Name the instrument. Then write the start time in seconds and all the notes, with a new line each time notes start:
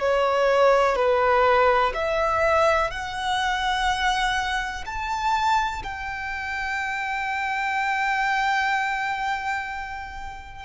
violin
0.00 C#5
0.96 B4
1.94 E5
2.91 F#5
4.86 A5
5.83 G5